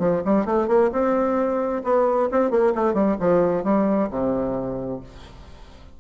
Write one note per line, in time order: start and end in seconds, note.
0.00 0.23 F3
0.26 0.46 G3
0.46 0.68 A3
0.68 0.91 A#3
0.93 1.83 C4
1.84 2.29 B3
2.32 2.51 C4
2.51 2.74 A#3
2.75 2.94 A3
2.94 3.17 G3
3.20 3.64 F3
3.64 4.09 G3
4.11 5.01 C3